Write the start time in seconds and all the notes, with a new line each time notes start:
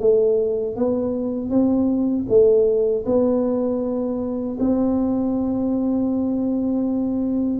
0.00 A3
0.76 B3
1.50 C4
2.29 A3
3.06 B3
4.59 C4